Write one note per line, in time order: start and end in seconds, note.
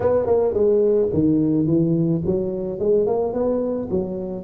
0.00 0.26 B3
0.26 0.53 A#3
0.53 1.09 G#3
1.13 1.66 D#3
1.66 2.22 E3
2.26 2.79 F#3
2.79 3.06 G#3
3.06 3.33 A#3
3.33 3.88 B3
3.90 4.43 F#3